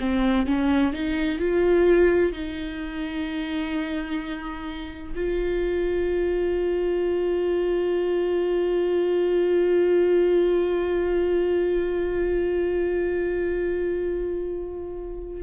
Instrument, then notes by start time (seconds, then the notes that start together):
viola
0.00 C4
0.46 C#4
0.93 D#4
1.39 F4
2.33 D#4
5.16 F4